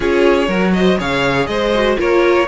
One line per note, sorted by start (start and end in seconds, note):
0.00 0.48 C#4
0.00 0.46 F4
0.00 0.47 G#4
0.00 0.73 C#5
0.47 0.97 F#3
0.47 0.98 F#4
0.47 0.72 A#4
0.73 0.98 C5
0.73 0.98 D#5
0.98 1.47 C#3
0.98 1.72 G#4
0.98 1.48 C#5
0.98 1.46 F5
1.46 1.96 G#3
1.46 1.98 C5
1.46 1.95 D#5
1.74 1.97 F#4
1.97 2.47 A#3
1.97 2.46 F4
1.97 2.47 A#4
1.97 2.47 C#5